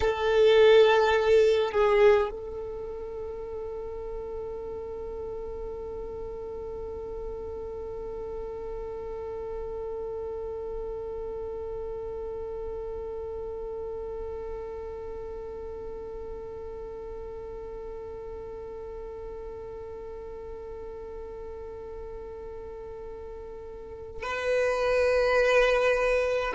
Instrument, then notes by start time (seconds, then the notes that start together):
violin
0.00 A4
1.72 G#4
2.31 A4
24.23 B4